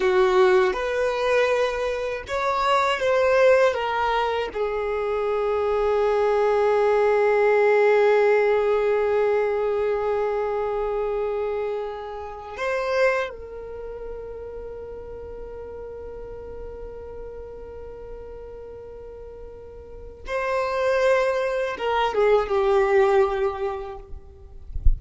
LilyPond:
\new Staff \with { instrumentName = "violin" } { \time 4/4 \tempo 4 = 80 fis'4 b'2 cis''4 | c''4 ais'4 gis'2~ | gis'1~ | gis'1~ |
gis'8. c''4 ais'2~ ais'16~ | ais'1~ | ais'2. c''4~ | c''4 ais'8 gis'8 g'2 | }